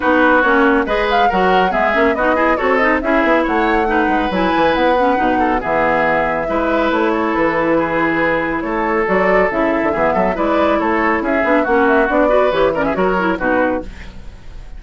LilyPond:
<<
  \new Staff \with { instrumentName = "flute" } { \time 4/4 \tempo 4 = 139 b'4 cis''4 dis''8 f''8 fis''4 | e''4 dis''4 cis''8 dis''8 e''4 | fis''2 gis''4 fis''4~ | fis''4 e''2. |
cis''4 b'2. | cis''4 d''4 e''2 | d''4 cis''4 e''4 fis''8 e''8 | d''4 cis''8 d''16 e''16 cis''4 b'4 | }
  \new Staff \with { instrumentName = "oboe" } { \time 4/4 fis'2 b'4 ais'4 | gis'4 fis'8 gis'8 a'4 gis'4 | cis''4 b'2.~ | b'8 a'8 gis'2 b'4~ |
b'8 a'4. gis'2 | a'2. gis'8 a'8 | b'4 a'4 gis'4 fis'4~ | fis'8 b'4 ais'16 gis'16 ais'4 fis'4 | }
  \new Staff \with { instrumentName = "clarinet" } { \time 4/4 dis'4 cis'4 gis'4 fis'4 | b8 cis'8 dis'8 e'8 fis'8 dis'8 e'4~ | e'4 dis'4 e'4. cis'8 | dis'4 b2 e'4~ |
e'1~ | e'4 fis'4 e'4 b4 | e'2~ e'8 d'8 cis'4 | d'8 fis'8 g'8 cis'8 fis'8 e'8 dis'4 | }
  \new Staff \with { instrumentName = "bassoon" } { \time 4/4 b4 ais4 gis4 fis4 | gis8 ais8 b4 c'4 cis'8 b8 | a4. gis8 fis8 e8 b4 | b,4 e2 gis4 |
a4 e2. | a4 fis4 cis8. d16 e8 fis8 | gis4 a4 cis'8 b8 ais4 | b4 e4 fis4 b,4 | }
>>